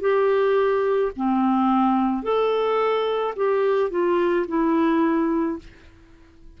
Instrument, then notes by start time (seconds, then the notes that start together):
clarinet
0.00 G4
1.16 C4
2.22 A4
3.35 G4
3.90 F4
4.47 E4